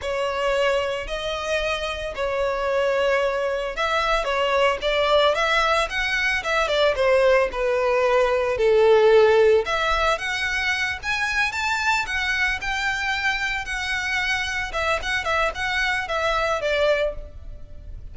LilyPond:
\new Staff \with { instrumentName = "violin" } { \time 4/4 \tempo 4 = 112 cis''2 dis''2 | cis''2. e''4 | cis''4 d''4 e''4 fis''4 | e''8 d''8 c''4 b'2 |
a'2 e''4 fis''4~ | fis''8 gis''4 a''4 fis''4 g''8~ | g''4. fis''2 e''8 | fis''8 e''8 fis''4 e''4 d''4 | }